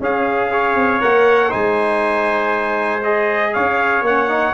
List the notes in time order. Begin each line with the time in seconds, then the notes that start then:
0.00 C#4 G#4 F5
0.50 G#4 C#5
0.75 C4
1.00 A#3 A#4 F#5
1.49 G#3 D#4 C5 G#5
3.03 G#4 D#5
3.53 C#4 C#5 F5
4.01 A#3 C#4 F#5
4.28 D#4